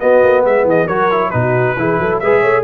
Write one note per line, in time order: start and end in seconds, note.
0.00 0.88 B3
0.00 0.23 B3
0.00 0.44 F#4
0.00 0.44 D#5
0.24 0.45 A#3
0.45 0.64 G#3
0.45 0.66 B4
0.45 0.68 E5
0.64 0.86 E3
0.64 0.86 G#4
0.64 0.88 D#5
0.86 1.33 F#3
0.86 1.11 F#4
0.86 1.30 A#4
0.86 1.31 C#5
1.11 1.33 E4
1.31 1.77 B2
1.31 1.77 D#4
1.31 1.77 F#4
1.31 2.19 B4
1.77 1.99 E3
1.77 2.23 E4
1.77 2.01 G#4
2.00 2.22 F#3
2.00 2.22 A4
2.20 2.43 G#3
2.20 2.64 G#4
2.20 2.41 B4
2.20 2.64 E5
2.41 2.64 A3
2.41 2.63 C#5